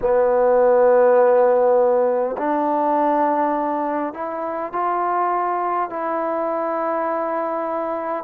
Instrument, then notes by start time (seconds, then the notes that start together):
trombone
0.01 B3
2.37 D4
4.13 E4
4.72 F4
5.89 E4